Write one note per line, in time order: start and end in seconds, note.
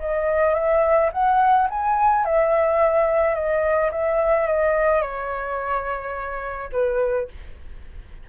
0.00 0.55 D#5
0.55 1.11 E5
1.12 1.68 F#5
1.70 2.25 G#5
2.25 3.35 E5
3.35 3.91 D#5
3.92 4.47 E5
4.47 5.02 D#5
5.02 6.70 C#5
6.72 7.28 B4